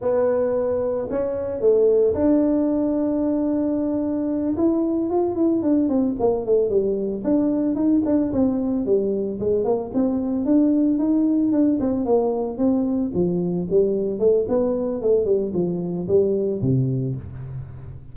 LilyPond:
\new Staff \with { instrumentName = "tuba" } { \time 4/4 \tempo 4 = 112 b2 cis'4 a4 | d'1~ | d'8 e'4 f'8 e'8 d'8 c'8 ais8 | a8 g4 d'4 dis'8 d'8 c'8~ |
c'8 g4 gis8 ais8 c'4 d'8~ | d'8 dis'4 d'8 c'8 ais4 c'8~ | c'8 f4 g4 a8 b4 | a8 g8 f4 g4 c4 | }